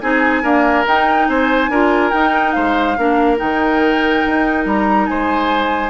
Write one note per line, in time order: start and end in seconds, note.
0.00 0.43 C4
0.00 0.43 D#4
0.00 0.43 G#4
0.00 0.85 G#5
0.43 0.85 A#3
0.43 0.85 D4
0.43 1.27 A#4
0.86 1.71 D#4
0.86 1.28 D#4
0.86 1.28 G5
1.28 1.69 C4
1.28 1.70 C5
1.28 2.11 G#5
1.69 2.11 D4
1.69 2.12 F4
1.69 2.55 A#4
2.11 2.97 D#4
2.11 2.56 D#4
2.11 2.51 G5
2.51 2.97 G#3
2.51 2.97 C5
2.51 3.36 F5
2.97 3.40 A#3
2.97 3.37 D4
2.97 5.10 A#4
3.37 4.26 D#3
3.37 5.90 D#4
3.37 4.65 G5
4.26 4.65 D#4
4.65 5.08 G3
4.65 5.06 A#5
5.06 5.90 G#3
5.06 5.90 C5
5.06 5.90 G#5